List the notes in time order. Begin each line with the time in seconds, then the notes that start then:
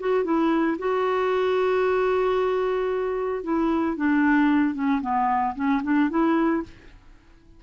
0.00 F#4
0.25 E4
0.79 F#4
3.44 E4
3.97 D4
4.75 C#4
5.02 B3
5.55 C#4
5.83 D4
6.10 E4